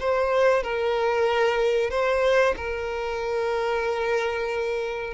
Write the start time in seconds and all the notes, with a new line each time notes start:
0.00 C5
0.63 A#4
1.90 C5
2.56 A#4